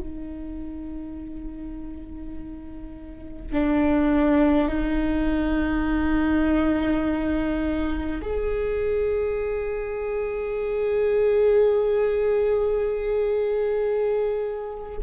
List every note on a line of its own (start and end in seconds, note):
0.00 3.53 D#4
3.53 4.68 D4
4.68 8.21 D#4
8.22 14.98 G#4